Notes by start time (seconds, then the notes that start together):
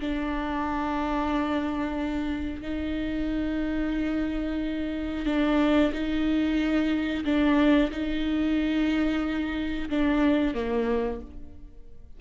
0.00 D4
2.62 D#4
5.26 D4
5.93 D#4
7.25 D4
7.92 D#4
9.90 D4
10.55 A#3